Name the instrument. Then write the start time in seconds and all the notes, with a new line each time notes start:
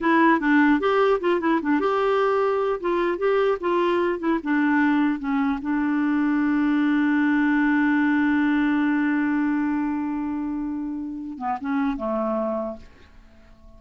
clarinet
0.00 E4
0.40 D4
0.80 G4
1.20 F4
1.40 E4
1.61 D4
1.80 G4
2.80 F4
3.18 G4
3.60 F4
4.19 E4
4.43 D4
5.19 C#4
5.61 D4
11.38 B3
11.60 C#4
11.96 A3